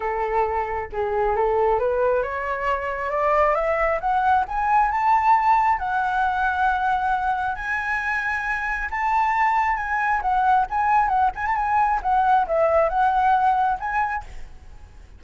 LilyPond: \new Staff \with { instrumentName = "flute" } { \time 4/4 \tempo 4 = 135 a'2 gis'4 a'4 | b'4 cis''2 d''4 | e''4 fis''4 gis''4 a''4~ | a''4 fis''2.~ |
fis''4 gis''2. | a''2 gis''4 fis''4 | gis''4 fis''8 gis''16 a''16 gis''4 fis''4 | e''4 fis''2 gis''4 | }